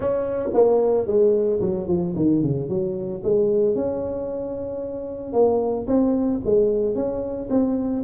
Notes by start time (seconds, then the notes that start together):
0.00 C#4
0.53 A#3
1.06 G#3
1.60 F#3
1.87 F3
2.16 D#3
2.42 C#3
2.69 F#3
3.23 G#3
3.75 C#4
5.32 A#3
5.87 C4
6.44 G#3
6.95 C#4
7.50 C4